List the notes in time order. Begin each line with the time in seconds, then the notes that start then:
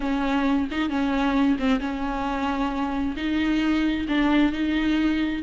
0.00 C#4
0.71 D#4
0.89 C#4
1.59 C4
1.80 C#4
3.16 D#4
4.08 D4
4.52 D#4